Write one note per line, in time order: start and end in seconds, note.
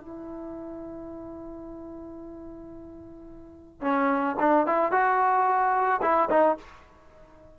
0.00 3.82 E4
3.82 4.36 C#4
4.40 4.67 D4
4.67 4.92 E4
4.92 6.01 F#4
6.02 6.30 E4
6.30 6.58 D#4